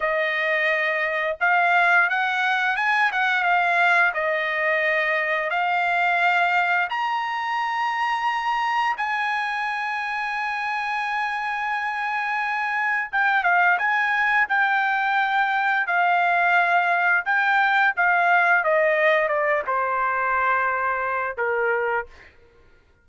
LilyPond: \new Staff \with { instrumentName = "trumpet" } { \time 4/4 \tempo 4 = 87 dis''2 f''4 fis''4 | gis''8 fis''8 f''4 dis''2 | f''2 ais''2~ | ais''4 gis''2.~ |
gis''2. g''8 f''8 | gis''4 g''2 f''4~ | f''4 g''4 f''4 dis''4 | d''8 c''2~ c''8 ais'4 | }